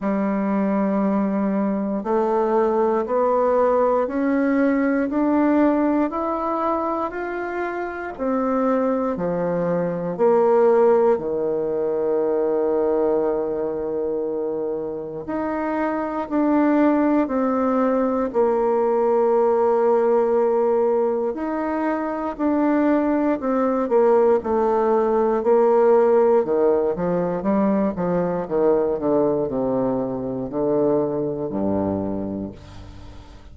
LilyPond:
\new Staff \with { instrumentName = "bassoon" } { \time 4/4 \tempo 4 = 59 g2 a4 b4 | cis'4 d'4 e'4 f'4 | c'4 f4 ais4 dis4~ | dis2. dis'4 |
d'4 c'4 ais2~ | ais4 dis'4 d'4 c'8 ais8 | a4 ais4 dis8 f8 g8 f8 | dis8 d8 c4 d4 g,4 | }